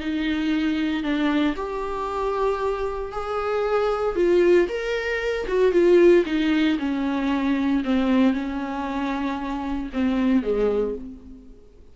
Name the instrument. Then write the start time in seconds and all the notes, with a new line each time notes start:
viola
0.00 D#4
1.03 D4
1.56 G4
3.12 G#4
4.15 F4
4.68 A#4
5.47 F#4
5.72 F4
6.25 D#4
6.79 C#4
7.85 C4
8.33 C#4
9.93 C4
10.43 G#3